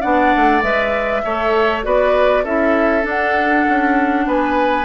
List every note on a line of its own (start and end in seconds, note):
0.00 0.34 B3
0.00 0.62 D4
0.00 1.21 D5
0.00 0.62 F#5
0.36 0.62 A3
0.62 1.22 G#3
0.62 1.23 B4
0.62 1.83 E5
1.24 1.84 A3
1.24 1.83 A4
1.24 1.85 C#5
1.83 2.44 B3
1.83 2.43 F#4
1.83 2.43 B4
1.83 2.44 D5
2.43 3.04 C#4
2.43 3.02 E4
2.43 4.25 A4
2.43 3.05 E5
3.02 4.84 D4
3.02 3.65 D4
3.08 4.28 F#5
3.69 4.26 C#4
4.26 4.84 B3
4.26 4.84 B4
4.26 4.84 G#5